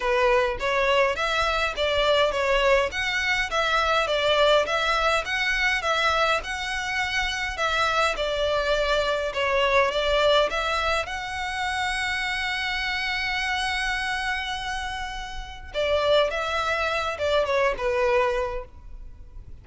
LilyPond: \new Staff \with { instrumentName = "violin" } { \time 4/4 \tempo 4 = 103 b'4 cis''4 e''4 d''4 | cis''4 fis''4 e''4 d''4 | e''4 fis''4 e''4 fis''4~ | fis''4 e''4 d''2 |
cis''4 d''4 e''4 fis''4~ | fis''1~ | fis''2. d''4 | e''4. d''8 cis''8 b'4. | }